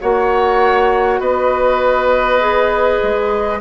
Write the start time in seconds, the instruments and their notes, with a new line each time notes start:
0.00 bassoon A#3, clarinet F#4, oboe C#5, flute F#5
1.19 bassoon B3, oboe B4, flute D#5
2.40 clarinet G#4
3.02 bassoon G#3